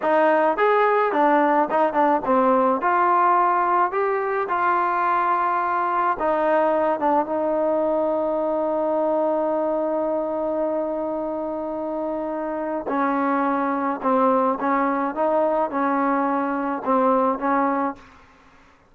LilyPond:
\new Staff \with { instrumentName = "trombone" } { \time 4/4 \tempo 4 = 107 dis'4 gis'4 d'4 dis'8 d'8 | c'4 f'2 g'4 | f'2. dis'4~ | dis'8 d'8 dis'2.~ |
dis'1~ | dis'2. cis'4~ | cis'4 c'4 cis'4 dis'4 | cis'2 c'4 cis'4 | }